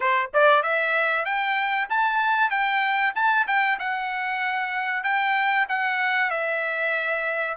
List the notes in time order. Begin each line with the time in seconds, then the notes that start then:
0.00 C5
0.33 D5
0.63 E5
1.25 G5
1.89 A5
2.50 G5
3.15 A5
3.47 G5
3.79 F#5
5.03 G5
5.68 F#5
6.30 E5